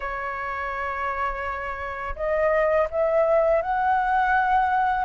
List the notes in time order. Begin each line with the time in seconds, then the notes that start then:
0.00 C#5
2.15 D#5
2.90 E5
3.61 F#5